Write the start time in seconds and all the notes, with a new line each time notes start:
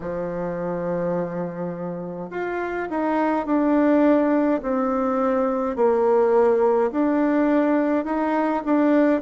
0.00 F3
2.30 F4
2.90 D#4
3.46 D4
4.62 C4
5.75 A#3
6.91 D4
8.05 D#4
8.65 D4